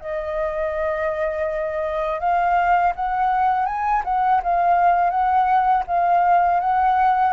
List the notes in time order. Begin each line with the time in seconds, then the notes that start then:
0.00 D#5
2.20 F5
2.95 F#5
3.66 G#5
4.04 F#5
4.43 F5
5.10 F#5
5.87 F5
6.60 F#5